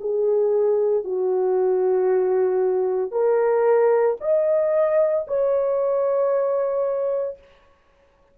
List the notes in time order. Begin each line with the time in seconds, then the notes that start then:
0.00 G#4
1.04 F#4
3.11 A#4
4.21 D#5
5.28 C#5